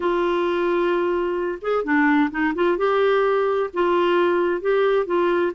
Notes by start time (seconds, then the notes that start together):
0.00 F4
1.61 G#4
1.84 D4
2.30 D#4
2.54 F4
2.77 G4
3.73 F4
4.61 G4
5.06 F4